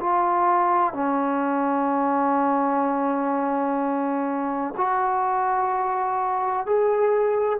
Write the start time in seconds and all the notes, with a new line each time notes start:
0.00 F4
0.93 C#4
4.77 F#4
6.66 G#4